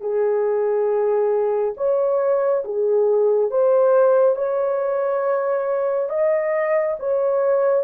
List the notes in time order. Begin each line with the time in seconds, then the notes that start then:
0.00 G#4
1.77 C#5
2.64 G#4
3.50 C5
4.35 C#5
6.09 D#5
6.99 C#5